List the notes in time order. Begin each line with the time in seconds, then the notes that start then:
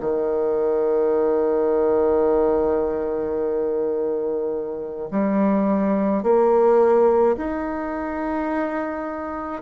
0.00 D#3
5.11 G3
6.23 A#3
7.37 D#4